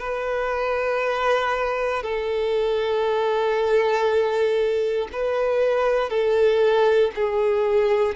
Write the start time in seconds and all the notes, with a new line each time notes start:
0.00 B4
2.03 A4
5.13 B4
6.10 A4
7.16 G#4